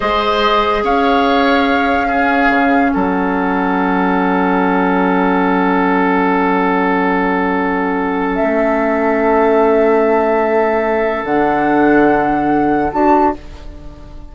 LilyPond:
<<
  \new Staff \with { instrumentName = "flute" } { \time 4/4 \tempo 4 = 144 dis''2 f''2~ | f''2. fis''4~ | fis''1~ | fis''1~ |
fis''1 | e''1~ | e''2. fis''4~ | fis''2. a''4 | }
  \new Staff \with { instrumentName = "oboe" } { \time 4/4 c''2 cis''2~ | cis''4 gis'2 a'4~ | a'1~ | a'1~ |
a'1~ | a'1~ | a'1~ | a'1 | }
  \new Staff \with { instrumentName = "clarinet" } { \time 4/4 gis'1~ | gis'4 cis'2.~ | cis'1~ | cis'1~ |
cis'1~ | cis'1~ | cis'2. d'4~ | d'2. fis'4 | }
  \new Staff \with { instrumentName = "bassoon" } { \time 4/4 gis2 cis'2~ | cis'2 cis4 fis4~ | fis1~ | fis1~ |
fis1~ | fis16 a2.~ a8.~ | a2. d4~ | d2. d'4 | }
>>